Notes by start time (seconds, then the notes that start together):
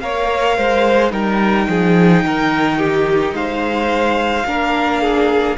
0.00 A#3 A#4 C#5 F5
0.57 G#3 C5
1.09 G3 D#4 A#4 G5
1.68 F3 G#4
2.24 D#3 A#4
2.78 G4
3.32 G#3 C5 F5
4.46 A#3 D4 A#4
5.01 G#4